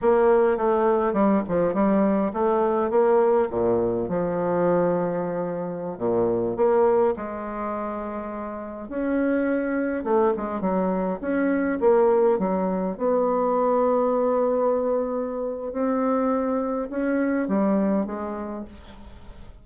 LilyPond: \new Staff \with { instrumentName = "bassoon" } { \time 4/4 \tempo 4 = 103 ais4 a4 g8 f8 g4 | a4 ais4 ais,4 f4~ | f2~ f16 ais,4 ais8.~ | ais16 gis2. cis'8.~ |
cis'4~ cis'16 a8 gis8 fis4 cis'8.~ | cis'16 ais4 fis4 b4.~ b16~ | b2. c'4~ | c'4 cis'4 g4 gis4 | }